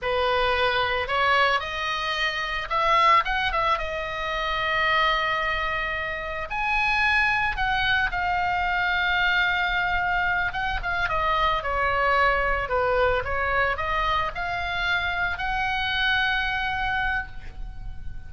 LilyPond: \new Staff \with { instrumentName = "oboe" } { \time 4/4 \tempo 4 = 111 b'2 cis''4 dis''4~ | dis''4 e''4 fis''8 e''8 dis''4~ | dis''1 | gis''2 fis''4 f''4~ |
f''2.~ f''8 fis''8 | f''8 dis''4 cis''2 b'8~ | b'8 cis''4 dis''4 f''4.~ | f''8 fis''2.~ fis''8 | }